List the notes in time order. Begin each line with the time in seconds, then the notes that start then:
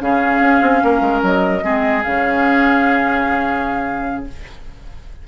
0.00 C#3 C#4 G#4 F5
0.41 C#4
0.61 C4
0.84 A#3 A#4
1.01 G#3
1.23 F#3 D#5
1.63 G#3 C4 G#4
2.03 C#3 C#4 F5